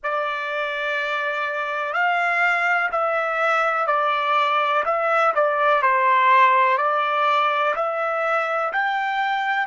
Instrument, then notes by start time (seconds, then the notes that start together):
trumpet
0.03 D5
1.93 F5
2.91 E5
3.86 D5
4.85 E5
5.34 D5
5.82 C5
6.77 D5
7.75 E5
8.72 G5